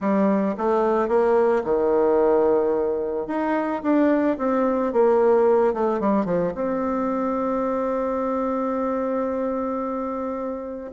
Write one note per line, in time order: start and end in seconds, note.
0.00 0.55 G3
0.57 1.08 A3
1.08 1.62 A#3
1.64 3.27 D#3
3.27 3.82 D#4
3.82 4.37 D4
4.38 4.92 C4
4.92 5.73 A#3
5.73 6.00 A3
6.00 6.25 G3
6.25 6.52 F3
6.54 10.91 C4